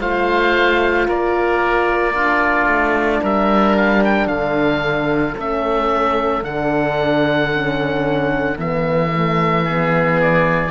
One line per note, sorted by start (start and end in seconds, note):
0.00 1.07 A3
0.00 2.14 F4
0.00 1.07 C5
0.00 1.07 F5
1.07 2.66 A#3
1.07 2.13 A#4
1.07 3.23 D5
2.13 5.35 D4
2.13 3.21 F4
2.66 3.19 A3
3.22 4.27 G3
3.22 4.29 A#4
3.22 3.76 E5
3.76 4.03 F5
4.04 4.27 G5
4.27 5.34 D3
4.27 9.64 A4
4.27 5.34 F5
5.37 6.42 A3
5.37 6.43 C#4
5.37 6.44 E5
6.42 8.56 D3
6.42 7.50 D4
6.42 8.58 F#5
7.53 8.57 C#4
8.56 10.70 E3
8.56 9.10 B3
8.56 10.20 E5
9.13 9.67 A3
9.64 10.70 B3
9.64 10.70 G#4
10.21 10.70 D5